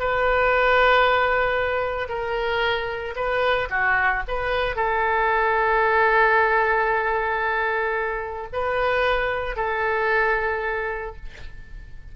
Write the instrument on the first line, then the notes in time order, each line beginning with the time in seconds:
oboe
0.00 B4
2.09 A#4
3.16 B4
3.70 F#4
4.28 B4
4.76 A4
8.53 B4
9.57 A4